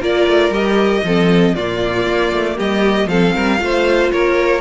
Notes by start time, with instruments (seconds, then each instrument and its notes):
0.00 cello A#3, viola F4, violin A#4 D5
0.27 cello A3
0.50 cello G3, viola G4, violin D#5
1.04 cello F3, viola C4, violin A4
1.55 cello A#2, viola A#3, violin F4 D5
2.07 cello A#3
2.32 cello A3
2.56 cello G3, violin G4 D#5
3.06 cello F3, viola C4, violin A4 F5
3.35 cello G3, violin A#4
3.58 cello A3, viola F4, violin C5
4.12 cello A#3, violin A#4 C#5